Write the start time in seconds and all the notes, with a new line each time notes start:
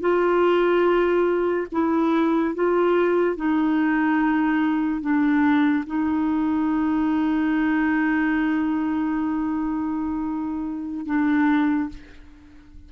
0.00 F4
1.72 E4
2.54 F4
3.36 D#4
5.01 D4
5.86 D#4
11.05 D4